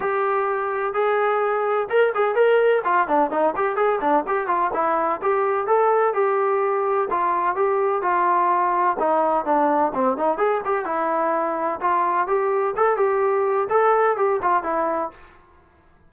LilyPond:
\new Staff \with { instrumentName = "trombone" } { \time 4/4 \tempo 4 = 127 g'2 gis'2 | ais'8 gis'8 ais'4 f'8 d'8 dis'8 g'8 | gis'8 d'8 g'8 f'8 e'4 g'4 | a'4 g'2 f'4 |
g'4 f'2 dis'4 | d'4 c'8 dis'8 gis'8 g'8 e'4~ | e'4 f'4 g'4 a'8 g'8~ | g'4 a'4 g'8 f'8 e'4 | }